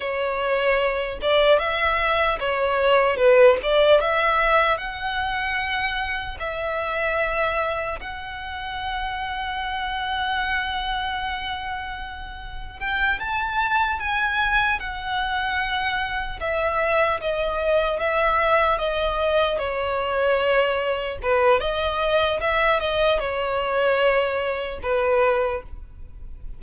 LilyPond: \new Staff \with { instrumentName = "violin" } { \time 4/4 \tempo 4 = 75 cis''4. d''8 e''4 cis''4 | b'8 d''8 e''4 fis''2 | e''2 fis''2~ | fis''1 |
g''8 a''4 gis''4 fis''4.~ | fis''8 e''4 dis''4 e''4 dis''8~ | dis''8 cis''2 b'8 dis''4 | e''8 dis''8 cis''2 b'4 | }